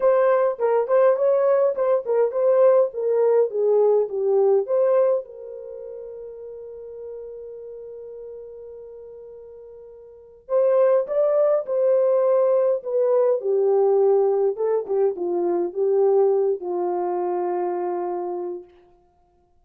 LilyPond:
\new Staff \with { instrumentName = "horn" } { \time 4/4 \tempo 4 = 103 c''4 ais'8 c''8 cis''4 c''8 ais'8 | c''4 ais'4 gis'4 g'4 | c''4 ais'2.~ | ais'1~ |
ais'2 c''4 d''4 | c''2 b'4 g'4~ | g'4 a'8 g'8 f'4 g'4~ | g'8 f'2.~ f'8 | }